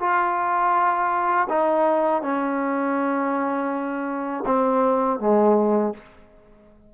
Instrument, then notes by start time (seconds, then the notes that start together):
trombone
0.00 F4
1.49 D#4
2.22 C#4
4.46 C4
5.20 G#3